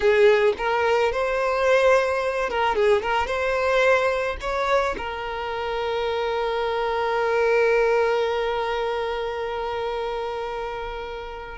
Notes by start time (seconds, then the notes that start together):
0.00 G#4
0.57 A#4
1.12 C5
2.49 A#4
2.75 G#4
3.02 A#4
3.26 C5
4.40 C#5
4.97 A#4